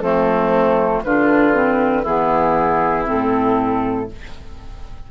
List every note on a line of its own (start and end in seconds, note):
0.00 1.02 F3
0.00 1.04 A3
0.00 1.04 C4
0.00 1.02 A4
1.03 2.05 D3
1.03 1.53 D4
1.03 2.02 F4
1.03 2.05 B4
1.53 2.04 C4
2.02 3.07 E3
2.02 3.04 B3
2.02 4.05 E4
2.02 3.07 G#4
3.04 4.10 A2
3.04 4.06 C4
3.04 4.10 A4